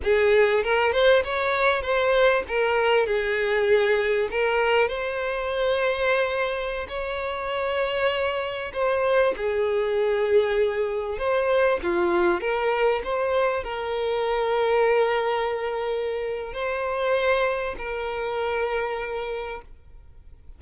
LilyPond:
\new Staff \with { instrumentName = "violin" } { \time 4/4 \tempo 4 = 98 gis'4 ais'8 c''8 cis''4 c''4 | ais'4 gis'2 ais'4 | c''2.~ c''16 cis''8.~ | cis''2~ cis''16 c''4 gis'8.~ |
gis'2~ gis'16 c''4 f'8.~ | f'16 ais'4 c''4 ais'4.~ ais'16~ | ais'2. c''4~ | c''4 ais'2. | }